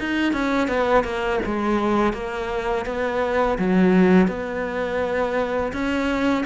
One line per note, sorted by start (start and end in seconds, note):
0.00 0.33 D#4
0.33 0.68 C#4
0.68 1.04 B3
1.04 1.40 A#3
1.46 2.14 G#3
2.14 2.86 A#3
2.86 3.58 B3
3.59 4.28 F#3
4.28 5.73 B3
5.73 6.45 C#4